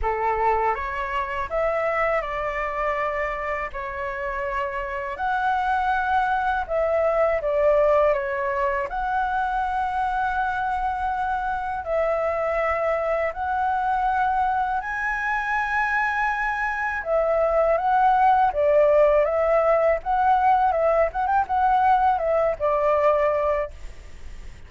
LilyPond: \new Staff \with { instrumentName = "flute" } { \time 4/4 \tempo 4 = 81 a'4 cis''4 e''4 d''4~ | d''4 cis''2 fis''4~ | fis''4 e''4 d''4 cis''4 | fis''1 |
e''2 fis''2 | gis''2. e''4 | fis''4 d''4 e''4 fis''4 | e''8 fis''16 g''16 fis''4 e''8 d''4. | }